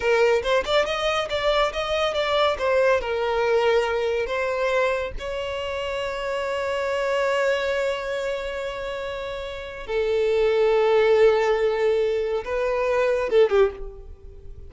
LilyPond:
\new Staff \with { instrumentName = "violin" } { \time 4/4 \tempo 4 = 140 ais'4 c''8 d''8 dis''4 d''4 | dis''4 d''4 c''4 ais'4~ | ais'2 c''2 | cis''1~ |
cis''1~ | cis''2. a'4~ | a'1~ | a'4 b'2 a'8 g'8 | }